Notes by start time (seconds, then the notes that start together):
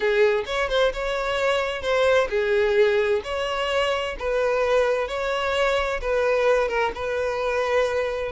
0.00 G#4
0.46 C#5
0.69 C5
0.93 C#5
1.82 C5
2.29 G#4
3.23 C#5
4.18 B4
5.08 C#5
6.01 B4
6.68 A#4
6.94 B4